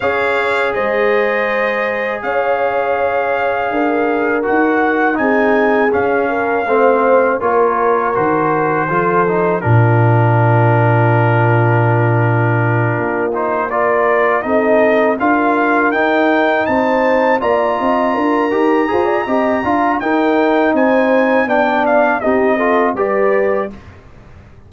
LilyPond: <<
  \new Staff \with { instrumentName = "trumpet" } { \time 4/4 \tempo 4 = 81 f''4 dis''2 f''4~ | f''2 fis''4 gis''4 | f''2 cis''4 c''4~ | c''4 ais'2.~ |
ais'2 c''8 d''4 dis''8~ | dis''8 f''4 g''4 a''4 ais''8~ | ais''2. g''4 | gis''4 g''8 f''8 dis''4 d''4 | }
  \new Staff \with { instrumentName = "horn" } { \time 4/4 cis''4 c''2 cis''4~ | cis''4 ais'2 gis'4~ | gis'8 ais'8 c''4 ais'2 | a'4 f'2.~ |
f'2~ f'8 ais'4 a'8~ | a'8 ais'2 c''4 d''8 | dis''8 ais'4 c''16 d''16 dis''8 f''8 ais'4 | c''4 d''4 g'8 a'8 b'4 | }
  \new Staff \with { instrumentName = "trombone" } { \time 4/4 gis'1~ | gis'2 fis'4 dis'4 | cis'4 c'4 f'4 fis'4 | f'8 dis'8 d'2.~ |
d'2 dis'8 f'4 dis'8~ | dis'8 f'4 dis'2 f'8~ | f'4 g'8 gis'8 g'8 f'8 dis'4~ | dis'4 d'4 dis'8 f'8 g'4 | }
  \new Staff \with { instrumentName = "tuba" } { \time 4/4 cis'4 gis2 cis'4~ | cis'4 d'4 dis'4 c'4 | cis'4 a4 ais4 dis4 | f4 ais,2.~ |
ais,4. ais2 c'8~ | c'8 d'4 dis'4 c'4 ais8 | c'8 d'8 dis'8 f'8 c'8 d'8 dis'4 | c'4 b4 c'4 g4 | }
>>